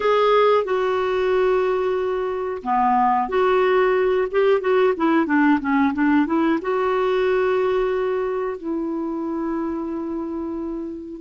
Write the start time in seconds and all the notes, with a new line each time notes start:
0.00 G#4
0.64 F#4
2.63 B3
3.28 F#4
4.31 G4
4.60 F#4
4.96 E4
5.26 D4
5.60 C#4
5.93 D4
6.26 E4
6.61 F#4
8.57 E4